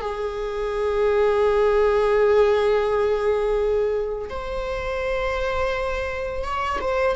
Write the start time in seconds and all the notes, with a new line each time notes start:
0.00 G#4
4.29 C5
6.43 C#5
6.80 C5